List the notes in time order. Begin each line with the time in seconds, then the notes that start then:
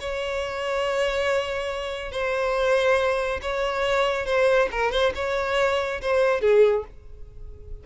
0.00 C#5
2.11 C5
3.42 C#5
4.25 C5
4.71 A#4
4.91 C5
5.15 C#5
6.01 C5
6.41 G#4